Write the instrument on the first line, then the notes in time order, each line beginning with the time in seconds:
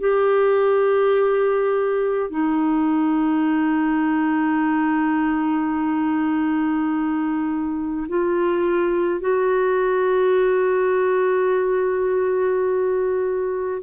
clarinet
0.00 G4
2.30 D#4
8.09 F4
9.20 F#4